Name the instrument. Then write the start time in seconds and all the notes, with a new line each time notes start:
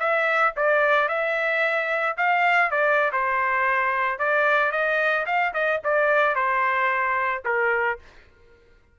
trumpet
0.00 E5
0.57 D5
1.09 E5
2.17 F5
2.71 D5
3.13 C5
4.19 D5
4.72 D#5
5.27 F5
5.54 D#5
5.85 D5
6.36 C5
7.45 A#4